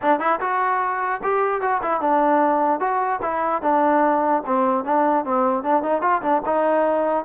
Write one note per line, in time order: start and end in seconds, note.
0.02 0.19 D4
0.19 0.39 E4
0.40 1.21 F#4
1.23 1.61 G4
1.61 1.81 F#4
1.82 2.00 E4
2.00 2.79 D4
2.79 3.20 F#4
3.22 3.62 E4
3.62 4.42 D4
4.46 4.84 C4
4.84 5.24 D4
5.24 5.63 C4
5.63 5.82 D4
5.82 6.01 D#4
6.01 6.21 F4
6.22 6.42 D4
6.45 7.24 D#4